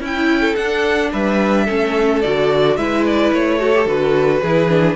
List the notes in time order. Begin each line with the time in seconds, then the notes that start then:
0.00 C#4 E4 G5
0.41 A4
0.56 D4 F#5
1.12 G3 B4 E5
1.65 A3 C#4 A4
2.21 D3 F#4 D5
2.77 G#3 E4 B4 E5
3.06 D5
3.32 A3 C#5
3.59 F#4 A4
3.74 G4
3.86 D3 F#4 B4
4.42 E3 E4 G#4
4.69 D4